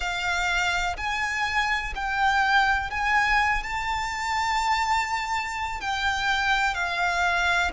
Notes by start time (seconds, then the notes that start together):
0.00 F5
0.96 G#5
1.95 G5
2.90 G#5
3.63 A5
5.81 G5
6.74 F5